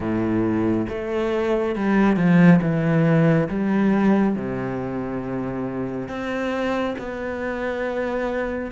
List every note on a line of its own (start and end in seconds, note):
0.00 0.87 A2
0.89 1.75 A3
1.75 2.16 G3
2.16 2.59 F3
2.61 3.48 E3
3.48 4.35 G3
4.35 6.08 C3
6.08 6.95 C4
6.98 8.72 B3